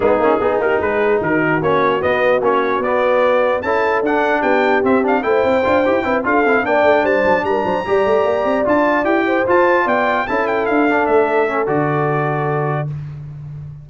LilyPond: <<
  \new Staff \with { instrumentName = "trumpet" } { \time 4/4 \tempo 4 = 149 gis'4. ais'8 b'4 ais'4 | cis''4 dis''4 cis''4 d''4~ | d''4 a''4 fis''4 g''4 | e''8 f''8 g''2~ g''8 f''8~ |
f''8 g''4 a''4 ais''4.~ | ais''4. a''4 g''4 a''8~ | a''8 g''4 a''8 g''8 f''4 e''8~ | e''4 d''2. | }
  \new Staff \with { instrumentName = "horn" } { \time 4/4 dis'4 gis'8 g'8 gis'4 fis'4~ | fis'1~ | fis'4 a'2 g'4~ | g'4 c''2 b'8 a'8~ |
a'8 d''4 c''4 ais'8 c''8 d''8~ | d''2. c''4~ | c''8 d''4 a'2~ a'8~ | a'1 | }
  \new Staff \with { instrumentName = "trombone" } { \time 4/4 b8 cis'8 dis'2. | cis'4 b4 cis'4 b4~ | b4 e'4 d'2 | c'8 d'8 e'4 f'8 g'8 e'8 f'8 |
e'8 d'2. g'8~ | g'4. f'4 g'4 f'8~ | f'4. e'4. d'4~ | d'8 cis'8 fis'2. | }
  \new Staff \with { instrumentName = "tuba" } { \time 4/4 gis8 ais8 b8 ais8 gis4 dis4 | ais4 b4 ais4 b4~ | b4 cis'4 d'4 b4 | c'4 a8 c'8 d'8 e'8 c'8 d'8 |
c'8 ais8 a8 g8 fis8 g8 fis8 g8 | a8 ais8 c'8 d'4 e'4 f'8~ | f'8 b4 cis'4 d'4 a8~ | a4 d2. | }
>>